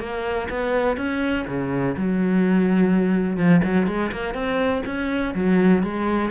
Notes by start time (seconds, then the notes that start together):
0.00 A#3
0.49 B3
0.97 C#4
1.48 C#3
1.97 F#3
3.37 F3
3.64 F#3
3.87 G#3
4.12 A#3
4.34 C4
4.86 C#4
5.35 F#3
5.83 G#3